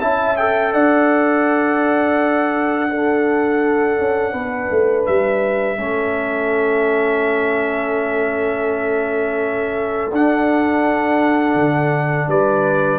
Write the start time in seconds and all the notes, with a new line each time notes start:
0.00 C#4 E4 E5 A5
0.36 A4 G5
0.73 D4 D5 F#5
2.88 D4 A4
3.98 C#4
4.32 B3 B4
4.70 A3
5.06 G3 E5
5.77 A3 C#4 A4
10.11 D4 F#5
11.55 D3
12.28 G3 B4 D5